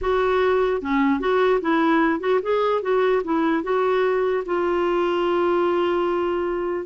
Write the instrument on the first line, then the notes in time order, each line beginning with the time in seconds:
clarinet
0.01 F#4
0.81 C#4
1.20 F#4
1.61 E4
2.20 F#4
2.42 G#4
2.82 F#4
3.23 E4
3.63 F#4
4.45 F4